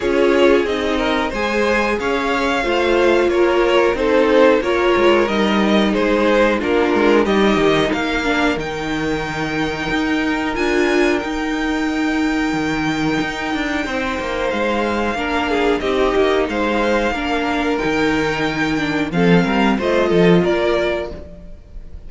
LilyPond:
<<
  \new Staff \with { instrumentName = "violin" } { \time 4/4 \tempo 4 = 91 cis''4 dis''4 gis''4 f''4~ | f''4 cis''4 c''4 cis''4 | dis''4 c''4 ais'4 dis''4 | f''4 g''2. |
gis''4 g''2.~ | g''2 f''2 | dis''4 f''2 g''4~ | g''4 f''4 dis''4 d''4 | }
  \new Staff \with { instrumentName = "violin" } { \time 4/4 gis'4. ais'8 c''4 cis''4 | c''4 ais'4 a'4 ais'4~ | ais'4 gis'4 f'4 g'4 | ais'1~ |
ais'1~ | ais'4 c''2 ais'8 gis'8 | g'4 c''4 ais'2~ | ais'4 a'8 ais'8 c''8 a'8 ais'4 | }
  \new Staff \with { instrumentName = "viola" } { \time 4/4 f'4 dis'4 gis'2 | f'2 dis'4 f'4 | dis'2 d'4 dis'4~ | dis'8 d'8 dis'2. |
f'4 dis'2.~ | dis'2. d'4 | dis'2 d'4 dis'4~ | dis'8 d'8 c'4 f'2 | }
  \new Staff \with { instrumentName = "cello" } { \time 4/4 cis'4 c'4 gis4 cis'4 | a4 ais4 c'4 ais8 gis8 | g4 gis4 ais8 gis8 g8 dis8 | ais4 dis2 dis'4 |
d'4 dis'2 dis4 | dis'8 d'8 c'8 ais8 gis4 ais4 | c'8 ais8 gis4 ais4 dis4~ | dis4 f8 g8 a8 f8 ais4 | }
>>